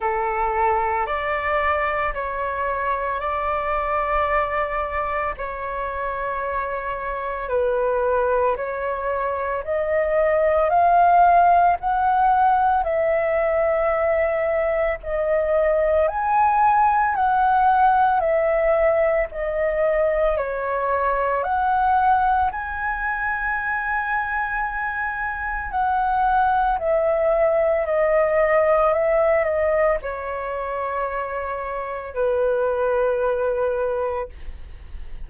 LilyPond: \new Staff \with { instrumentName = "flute" } { \time 4/4 \tempo 4 = 56 a'4 d''4 cis''4 d''4~ | d''4 cis''2 b'4 | cis''4 dis''4 f''4 fis''4 | e''2 dis''4 gis''4 |
fis''4 e''4 dis''4 cis''4 | fis''4 gis''2. | fis''4 e''4 dis''4 e''8 dis''8 | cis''2 b'2 | }